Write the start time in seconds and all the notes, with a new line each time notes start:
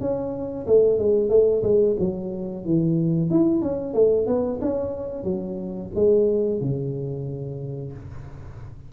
0.00 C#4
0.66 A3
0.98 G#3
1.29 A3
1.63 G#3
1.99 F#3
2.65 E3
3.30 E4
3.62 C#4
3.94 A3
4.27 B3
4.61 C#4
5.24 F#3
5.95 G#3
6.61 C#3